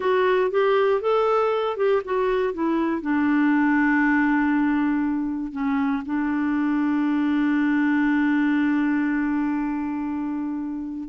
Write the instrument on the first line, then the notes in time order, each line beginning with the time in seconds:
clarinet
0.00 F#4
0.50 G4
1.01 A4
1.76 G4
2.04 F#4
2.53 E4
3.01 D4
5.52 C#4
6.05 D4